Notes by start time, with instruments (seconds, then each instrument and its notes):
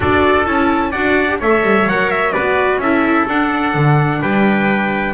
0.00 double bass D4, viola F#4, trumpet A4 D5
0.45 double bass C#4, viola E4, trumpet A5
0.90 double bass D4, viola F#4, trumpet D5 F#5
1.28 viola G4
1.39 double bass A3, viola A4, trumpet C#5 E5
1.62 double bass G3
1.86 double bass F#3, viola A#4, trumpet F#5
2.11 trumpet E5
2.32 double bass B3, viola F#4, trumpet B4 D5
2.77 double bass C#4, viola E4, trumpet A4 E5
3.28 double bass D4, viola D4, trumpet F#5
3.74 double bass D3
4.21 double bass G3, trumpet B4 G5